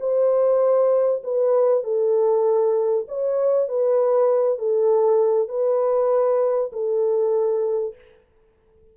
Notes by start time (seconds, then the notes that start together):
0.00 C5
1.24 B4
1.84 A4
3.08 C#5
3.68 B4
4.59 A4
5.49 B4
6.73 A4